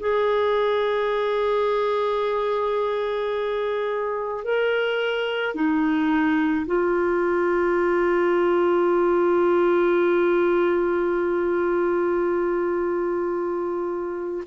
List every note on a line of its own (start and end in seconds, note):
0.00 4.44 G#4
4.45 5.55 A#4
5.55 6.66 D#4
6.67 14.44 F4